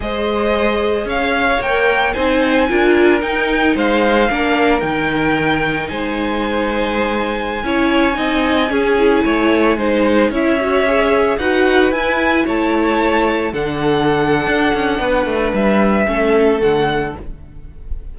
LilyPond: <<
  \new Staff \with { instrumentName = "violin" } { \time 4/4 \tempo 4 = 112 dis''2 f''4 g''4 | gis''2 g''4 f''4~ | f''4 g''2 gis''4~ | gis''1~ |
gis''2.~ gis''16 e''8.~ | e''4~ e''16 fis''4 gis''4 a''8.~ | a''4~ a''16 fis''2~ fis''8.~ | fis''4 e''2 fis''4 | }
  \new Staff \with { instrumentName = "violin" } { \time 4/4 c''2 cis''2 | c''4 ais'2 c''4 | ais'2. c''4~ | c''2~ c''16 cis''4 dis''8.~ |
dis''16 gis'4 cis''4 c''4 cis''8.~ | cis''4~ cis''16 b'2 cis''8.~ | cis''4~ cis''16 a'2~ a'8. | b'2 a'2 | }
  \new Staff \with { instrumentName = "viola" } { \time 4/4 gis'2. ais'4 | dis'4 f'4 dis'2 | d'4 dis'2.~ | dis'2~ dis'16 e'4 dis'8.~ |
dis'16 cis'8 e'4. dis'4 e'8 fis'16~ | fis'16 gis'4 fis'4 e'4.~ e'16~ | e'4~ e'16 d'2~ d'8.~ | d'2 cis'4 a4 | }
  \new Staff \with { instrumentName = "cello" } { \time 4/4 gis2 cis'4 ais4 | c'4 d'4 dis'4 gis4 | ais4 dis2 gis4~ | gis2~ gis16 cis'4 c'8.~ |
c'16 cis'4 a4 gis4 cis'8.~ | cis'4~ cis'16 dis'4 e'4 a8.~ | a4~ a16 d4.~ d16 d'8 cis'8 | b8 a8 g4 a4 d4 | }
>>